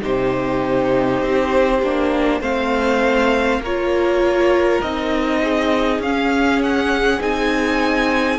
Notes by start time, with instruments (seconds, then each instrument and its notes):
0.00 cello C3, viola D#4, violin G4 C5
1.22 cello C4
1.82 cello A#3, viola D4
2.40 cello A3, viola C4, violin C5 F5
3.58 cello A#3, violin A#4 C#5
3.66 viola F4
4.81 cello C4, viola D#4, violin D#5
5.42 violin G#4
5.98 cello C#4, viola C#4, violin F5
6.62 violin F#5
7.19 cello C4, viola D#4, violin G#5